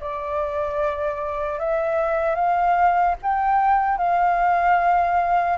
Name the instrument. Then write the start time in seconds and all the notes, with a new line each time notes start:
flute
0.00 D5
1.59 E5
2.35 F5
3.22 G5
3.97 F5